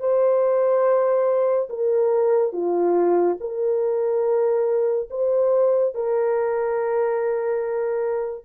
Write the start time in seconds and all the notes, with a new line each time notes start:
0.00 C5
1.69 A#4
2.53 F4
3.40 A#4
5.10 C5
5.95 A#4